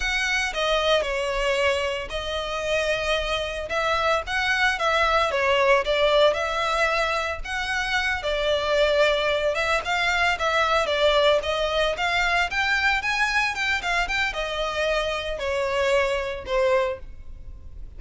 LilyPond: \new Staff \with { instrumentName = "violin" } { \time 4/4 \tempo 4 = 113 fis''4 dis''4 cis''2 | dis''2. e''4 | fis''4 e''4 cis''4 d''4 | e''2 fis''4. d''8~ |
d''2 e''8 f''4 e''8~ | e''8 d''4 dis''4 f''4 g''8~ | g''8 gis''4 g''8 f''8 g''8 dis''4~ | dis''4 cis''2 c''4 | }